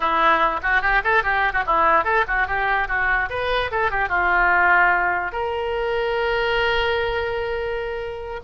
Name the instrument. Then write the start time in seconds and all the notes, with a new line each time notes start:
oboe
0.00 E4
0.62 F#4
0.81 G4
1.04 A4
1.23 G4
1.52 F#4
1.66 E4
2.04 A4
2.27 F#4
2.47 G4
2.88 F#4
3.29 B4
3.71 A4
3.90 G4
4.08 F4
5.31 A#4